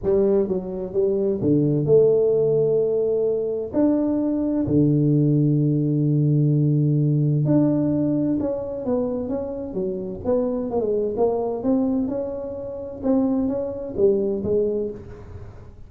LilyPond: \new Staff \with { instrumentName = "tuba" } { \time 4/4 \tempo 4 = 129 g4 fis4 g4 d4 | a1 | d'2 d2~ | d1 |
d'2 cis'4 b4 | cis'4 fis4 b4 ais16 gis8. | ais4 c'4 cis'2 | c'4 cis'4 g4 gis4 | }